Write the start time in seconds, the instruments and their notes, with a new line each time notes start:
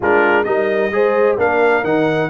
0.00 tuba G#3, trombone D4, horn F4, trumpet A#4
0.44 tuba G3, trombone D#4, horn A#4, trumpet D#5
0.91 tuba G#3, trombone G#4, horn C5
1.37 tuba A#3, trombone D4, horn A#4, trumpet F5
1.83 tuba D#3, trombone D#4, trumpet F#5